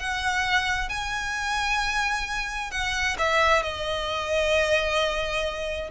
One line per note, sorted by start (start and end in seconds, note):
0.00 0.89 F#5
0.89 2.71 G#5
2.72 3.17 F#5
3.19 3.63 E5
3.63 5.90 D#5